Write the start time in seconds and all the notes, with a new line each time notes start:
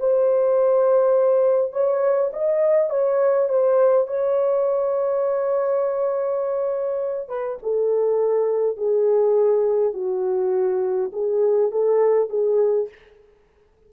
0.00 C5
1.72 C#5
2.33 D#5
2.90 C#5
3.49 C5
4.07 C#5
7.29 B4
7.63 A4
8.77 G#4
9.94 F#4
11.13 G#4
11.71 A4
12.30 G#4